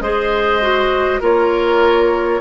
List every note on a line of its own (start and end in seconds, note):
0.00 1.20 G#3
0.00 0.61 G#4
0.00 1.20 C5
0.00 1.20 D#5
0.61 1.21 F#4
1.20 2.40 A#3
1.20 2.40 F4
1.20 2.40 A#4
1.20 2.40 C#5